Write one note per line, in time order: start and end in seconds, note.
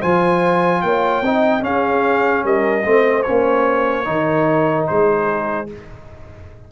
0.00 0.83 F3
0.00 1.23 F4
0.00 0.81 C5
0.00 0.82 G#5
0.82 1.22 A#3
0.82 1.25 C#5
0.82 1.63 G5
1.22 1.62 C4
1.22 1.61 D#4
1.22 1.65 D#5
1.61 2.83 C#4
1.61 2.44 C#4
1.61 2.45 G#4
1.61 2.45 F5
2.44 2.85 G3
2.44 2.85 A#4
2.44 3.23 D#5
2.84 3.26 A3
2.84 3.24 C4
2.84 4.07 C5
3.23 4.05 C#4
3.23 4.85 C#5
3.29 4.07 A#3
4.05 4.88 D#3
4.05 5.67 D#4
4.12 4.90 A#4
4.87 5.72 G#3
4.87 5.71 G#4
4.87 5.68 C5